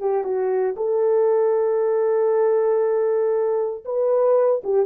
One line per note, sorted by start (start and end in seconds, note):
0.00 0.24 G4
0.24 0.75 F#4
0.77 3.84 A4
3.85 4.62 B4
4.64 4.86 G4